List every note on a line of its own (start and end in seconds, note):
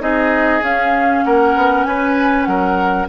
0.00 0.61 C4
0.00 0.61 D#4
0.00 1.24 G#4
0.00 0.63 D#5
0.61 1.22 C#4
0.61 3.07 C#4
0.61 1.24 F5
1.24 1.55 A#3
1.24 1.87 A#4
1.24 1.84 F#5
1.55 1.85 B3
1.84 2.46 C#4
1.84 2.48 B4
1.84 2.45 G#5
2.45 3.08 F#3
2.45 3.08 A#4
2.45 3.06 F#5